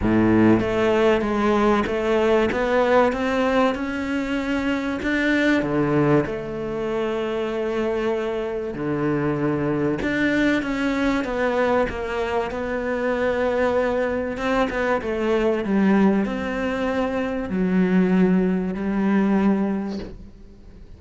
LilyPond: \new Staff \with { instrumentName = "cello" } { \time 4/4 \tempo 4 = 96 a,4 a4 gis4 a4 | b4 c'4 cis'2 | d'4 d4 a2~ | a2 d2 |
d'4 cis'4 b4 ais4 | b2. c'8 b8 | a4 g4 c'2 | fis2 g2 | }